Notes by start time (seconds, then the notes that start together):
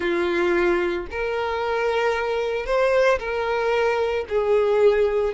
0.00 F4
1.10 A#4
2.65 C5
3.19 A#4
4.28 G#4